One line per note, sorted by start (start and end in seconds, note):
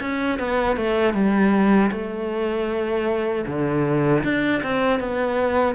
0.00 0.38 C#4
0.39 0.76 B3
0.76 1.14 A3
1.14 1.91 G3
1.91 3.45 A3
3.46 4.23 D3
4.23 4.62 D4
4.63 4.99 C4
4.99 5.75 B3